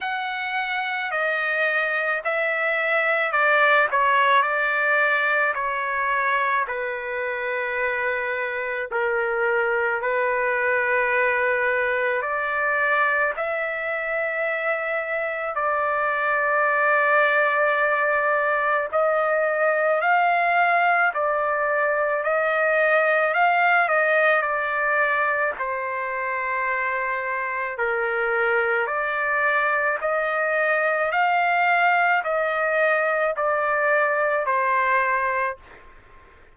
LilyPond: \new Staff \with { instrumentName = "trumpet" } { \time 4/4 \tempo 4 = 54 fis''4 dis''4 e''4 d''8 cis''8 | d''4 cis''4 b'2 | ais'4 b'2 d''4 | e''2 d''2~ |
d''4 dis''4 f''4 d''4 | dis''4 f''8 dis''8 d''4 c''4~ | c''4 ais'4 d''4 dis''4 | f''4 dis''4 d''4 c''4 | }